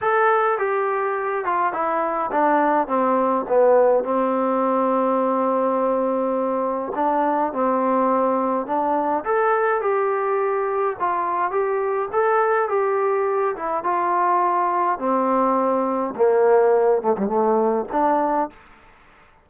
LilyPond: \new Staff \with { instrumentName = "trombone" } { \time 4/4 \tempo 4 = 104 a'4 g'4. f'8 e'4 | d'4 c'4 b4 c'4~ | c'1 | d'4 c'2 d'4 |
a'4 g'2 f'4 | g'4 a'4 g'4. e'8 | f'2 c'2 | ais4. a16 g16 a4 d'4 | }